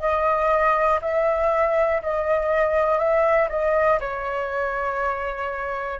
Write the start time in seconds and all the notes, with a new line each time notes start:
0.00 D#5
1.01 E5
2.02 D#5
2.99 E5
3.50 D#5
4.00 C#5